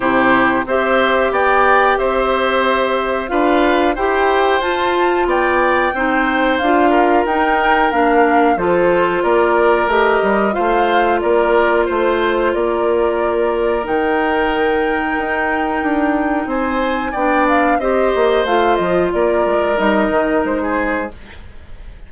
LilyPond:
<<
  \new Staff \with { instrumentName = "flute" } { \time 4/4 \tempo 4 = 91 c''4 e''4 g''4 e''4~ | e''4 f''4 g''4 a''4 | g''2 f''4 g''4 | f''4 c''4 d''4 dis''4 |
f''4 d''4 c''4 d''4~ | d''4 g''2.~ | g''4 gis''4 g''8 f''8 dis''4 | f''8 dis''8 d''4 dis''4 c''4 | }
  \new Staff \with { instrumentName = "oboe" } { \time 4/4 g'4 c''4 d''4 c''4~ | c''4 b'4 c''2 | d''4 c''4. ais'4.~ | ais'4 a'4 ais'2 |
c''4 ais'4 c''4 ais'4~ | ais'1~ | ais'4 c''4 d''4 c''4~ | c''4 ais'2~ ais'16 gis'8. | }
  \new Staff \with { instrumentName = "clarinet" } { \time 4/4 e'4 g'2.~ | g'4 f'4 g'4 f'4~ | f'4 dis'4 f'4 dis'4 | d'4 f'2 g'4 |
f'1~ | f'4 dis'2.~ | dis'2 d'4 g'4 | f'2 dis'2 | }
  \new Staff \with { instrumentName = "bassoon" } { \time 4/4 c4 c'4 b4 c'4~ | c'4 d'4 e'4 f'4 | b4 c'4 d'4 dis'4 | ais4 f4 ais4 a8 g8 |
a4 ais4 a4 ais4~ | ais4 dis2 dis'4 | d'4 c'4 b4 c'8 ais8 | a8 f8 ais8 gis8 g8 dis8 gis4 | }
>>